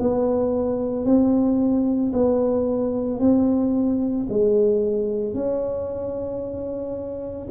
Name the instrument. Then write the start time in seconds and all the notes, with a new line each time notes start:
tuba
0.00 B3
1.06 C4
2.13 B3
3.20 C4
4.30 G#3
5.34 C#4